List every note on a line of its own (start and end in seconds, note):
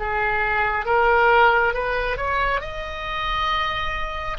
0.00 0.86 G#4
0.86 1.74 A#4
1.74 2.17 B4
2.17 2.61 C#5
2.61 4.38 D#5